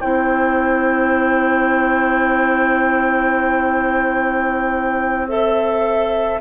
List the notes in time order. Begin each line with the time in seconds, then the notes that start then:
0.00 C4 E4 C5 G5
5.29 A4 E5